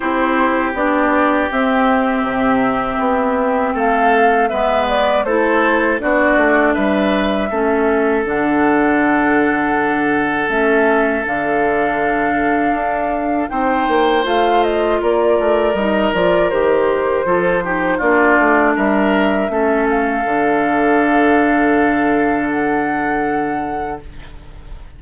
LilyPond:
<<
  \new Staff \with { instrumentName = "flute" } { \time 4/4 \tempo 4 = 80 c''4 d''4 e''2~ | e''4 f''4 e''8 d''8 c''4 | d''4 e''2 fis''4~ | fis''2 e''4 f''4~ |
f''2 g''4 f''8 dis''8 | d''4 dis''8 d''8 c''2 | d''4 e''4. f''4.~ | f''2 fis''2 | }
  \new Staff \with { instrumentName = "oboe" } { \time 4/4 g'1~ | g'4 a'4 b'4 a'4 | fis'4 b'4 a'2~ | a'1~ |
a'2 c''2 | ais'2. a'8 g'8 | f'4 ais'4 a'2~ | a'1 | }
  \new Staff \with { instrumentName = "clarinet" } { \time 4/4 e'4 d'4 c'2~ | c'2 b4 e'4 | d'2 cis'4 d'4~ | d'2 cis'4 d'4~ |
d'2 dis'4 f'4~ | f'4 dis'8 f'8 g'4 f'8 dis'8 | d'2 cis'4 d'4~ | d'1 | }
  \new Staff \with { instrumentName = "bassoon" } { \time 4/4 c'4 b4 c'4 c4 | b4 a4 gis4 a4 | b8 a8 g4 a4 d4~ | d2 a4 d4~ |
d4 d'4 c'8 ais8 a4 | ais8 a8 g8 f8 dis4 f4 | ais8 a8 g4 a4 d4~ | d1 | }
>>